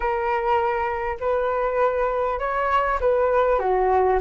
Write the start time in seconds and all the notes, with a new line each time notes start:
0.00 A#4
1.20 B4
2.39 C#5
3.00 B4
3.59 F#4